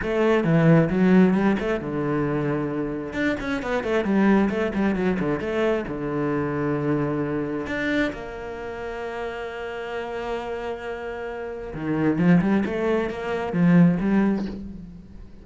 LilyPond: \new Staff \with { instrumentName = "cello" } { \time 4/4 \tempo 4 = 133 a4 e4 fis4 g8 a8 | d2. d'8 cis'8 | b8 a8 g4 a8 g8 fis8 d8 | a4 d2.~ |
d4 d'4 ais2~ | ais1~ | ais2 dis4 f8 g8 | a4 ais4 f4 g4 | }